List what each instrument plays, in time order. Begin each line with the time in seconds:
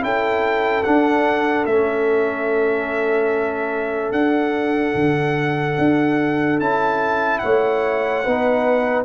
0.00 tuba C#4, trombone E4, horn A4, trumpet G5
0.83 trombone D4, tuba D4, trumpet F#5
1.65 tuba A3, trombone C#4, trumpet E5
4.11 tuba D4, trombone D4, trumpet F#5
4.94 tuba D3
5.78 tuba D4
6.59 tuba C#4, trombone E4, trumpet A5
7.38 tuba A3, horn C#5, trumpet F#5
8.24 tuba B3, trombone D#4, horn B4